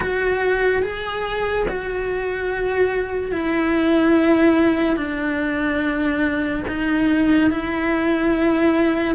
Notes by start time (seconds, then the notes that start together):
0.00 F#4
0.82 G#4
1.68 F#4
3.31 E4
4.96 D4
6.67 D#4
7.50 E4